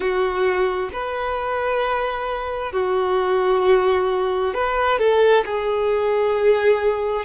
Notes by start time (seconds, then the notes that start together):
0.00 F#4
0.92 B4
2.72 F#4
4.54 B4
4.98 A4
5.45 G#4